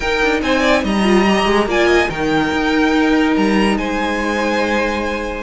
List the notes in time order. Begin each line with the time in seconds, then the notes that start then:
0.00 D#4 A#4 G5
0.22 D4
0.42 C4 C5 G#5
0.59 D5
0.83 G3 D#5 A#5
1.03 F4
1.27 G4
1.45 G#3
1.65 A#3 F4 D5 G#5
1.87 D#5
2.09 D#3 D#4 A#4 G5
2.52 D#4
3.36 G3 A#5
3.77 G#3 C5 G#5